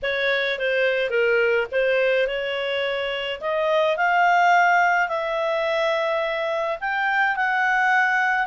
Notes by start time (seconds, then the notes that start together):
0.02 C#5
0.58 C5
1.10 A#4
1.71 C5
2.27 C#5
3.41 D#5
3.96 F5
5.08 E5
6.80 G5
7.36 F#5